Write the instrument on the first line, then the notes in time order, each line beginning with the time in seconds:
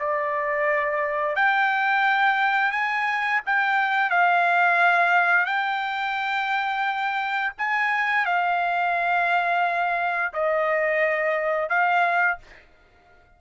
trumpet
0.00 D5
1.36 G5
2.72 G#5
3.46 G5
4.11 F5
5.46 G5
7.59 G#5
8.26 F5
10.34 D#5
11.70 F5